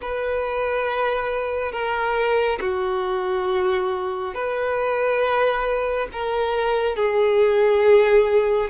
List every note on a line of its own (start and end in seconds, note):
0.01 1.72 B4
1.72 2.58 A#4
2.60 4.34 F#4
4.34 6.08 B4
6.12 6.96 A#4
6.96 8.69 G#4